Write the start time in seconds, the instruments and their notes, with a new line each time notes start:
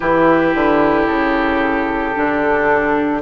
0.00 bassoon E3, clarinet E4, oboe G4, flute B4
0.54 bassoon D3
1.06 bassoon C#3, flute A4
2.15 bassoon D3, clarinet D4